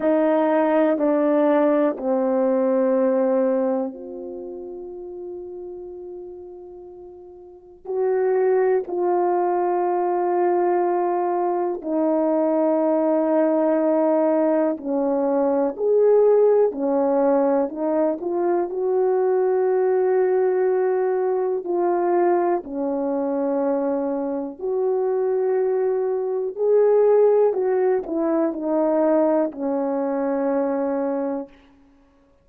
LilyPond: \new Staff \with { instrumentName = "horn" } { \time 4/4 \tempo 4 = 61 dis'4 d'4 c'2 | f'1 | fis'4 f'2. | dis'2. cis'4 |
gis'4 cis'4 dis'8 f'8 fis'4~ | fis'2 f'4 cis'4~ | cis'4 fis'2 gis'4 | fis'8 e'8 dis'4 cis'2 | }